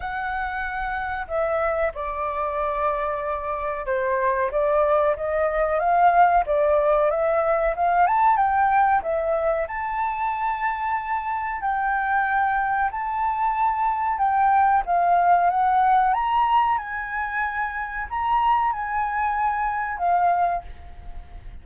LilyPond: \new Staff \with { instrumentName = "flute" } { \time 4/4 \tempo 4 = 93 fis''2 e''4 d''4~ | d''2 c''4 d''4 | dis''4 f''4 d''4 e''4 | f''8 a''8 g''4 e''4 a''4~ |
a''2 g''2 | a''2 g''4 f''4 | fis''4 ais''4 gis''2 | ais''4 gis''2 f''4 | }